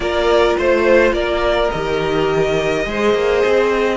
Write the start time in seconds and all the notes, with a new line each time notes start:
0.00 A#3 F4 A#4 D5
0.57 A3 C5
1.12 A#3 A#4 D5
1.70 D#3 G4 D#5
2.85 G#3 G#4 C5
3.14 A#3
3.45 C4